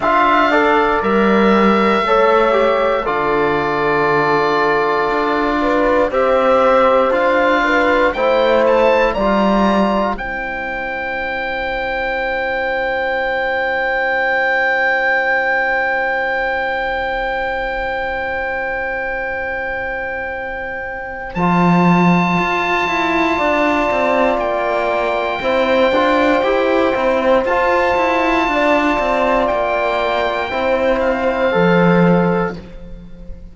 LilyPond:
<<
  \new Staff \with { instrumentName = "oboe" } { \time 4/4 \tempo 4 = 59 f''4 e''2 d''4~ | d''2 e''4 f''4 | g''8 a''8 ais''4 g''2~ | g''1~ |
g''1~ | g''4 a''2. | g''2. a''4~ | a''4 g''4. f''4. | }
  \new Staff \with { instrumentName = "horn" } { \time 4/4 e''8 d''4. cis''4 a'4~ | a'4. b'8 c''4. b'8 | c''4 d''4 c''2~ | c''1~ |
c''1~ | c''2. d''4~ | d''4 c''2. | d''2 c''2 | }
  \new Staff \with { instrumentName = "trombone" } { \time 4/4 f'8 a'8 ais'4 a'8 g'8 f'4~ | f'2 g'4 f'4 | e'4 f'4 e'2~ | e'1~ |
e'1~ | e'4 f'2.~ | f'4 e'8 f'8 g'8 e'8 f'4~ | f'2 e'4 a'4 | }
  \new Staff \with { instrumentName = "cello" } { \time 4/4 d'4 g4 a4 d4~ | d4 d'4 c'4 d'4 | a4 g4 c'2~ | c'1~ |
c'1~ | c'4 f4 f'8 e'8 d'8 c'8 | ais4 c'8 d'8 e'8 c'8 f'8 e'8 | d'8 c'8 ais4 c'4 f4 | }
>>